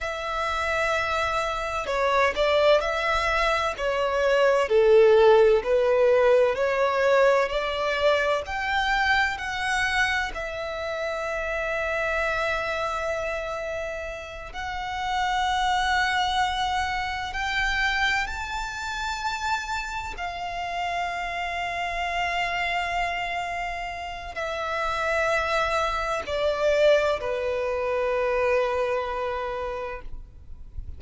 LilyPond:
\new Staff \with { instrumentName = "violin" } { \time 4/4 \tempo 4 = 64 e''2 cis''8 d''8 e''4 | cis''4 a'4 b'4 cis''4 | d''4 g''4 fis''4 e''4~ | e''2.~ e''8 fis''8~ |
fis''2~ fis''8 g''4 a''8~ | a''4. f''2~ f''8~ | f''2 e''2 | d''4 b'2. | }